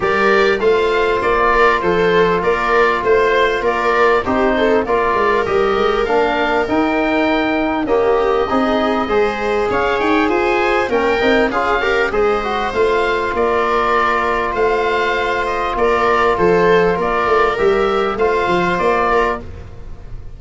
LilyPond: <<
  \new Staff \with { instrumentName = "oboe" } { \time 4/4 \tempo 4 = 99 d''4 f''4 d''4 c''4 | d''4 c''4 d''4 c''4 | d''4 dis''4 f''4 g''4~ | g''4 dis''2. |
f''8 g''8 gis''4 g''4 f''4 | dis''4 f''4 d''2 | f''4. dis''8 d''4 c''4 | d''4 e''4 f''4 d''4 | }
  \new Staff \with { instrumentName = "viola" } { \time 4/4 ais'4 c''4. ais'8 a'4 | ais'4 c''4 ais'4 g'8 a'8 | ais'1~ | ais'4 g'4 gis'4 c''4 |
cis''4 c''4 ais'4 gis'8 ais'8 | c''2 ais'2 | c''2 ais'4 a'4 | ais'2 c''4. ais'8 | }
  \new Staff \with { instrumentName = "trombone" } { \time 4/4 g'4 f'2.~ | f'2. dis'4 | f'4 g'4 d'4 dis'4~ | dis'4 ais4 dis'4 gis'4~ |
gis'2 cis'8 dis'8 f'8 g'8 | gis'8 fis'8 f'2.~ | f'1~ | f'4 g'4 f'2 | }
  \new Staff \with { instrumentName = "tuba" } { \time 4/4 g4 a4 ais4 f4 | ais4 a4 ais4 c'4 | ais8 gis8 g8 gis8 ais4 dis'4~ | dis'4 cis'4 c'4 gis4 |
cis'8 dis'8 f'4 ais8 c'8 cis'4 | gis4 a4 ais2 | a2 ais4 f4 | ais8 a8 g4 a8 f8 ais4 | }
>>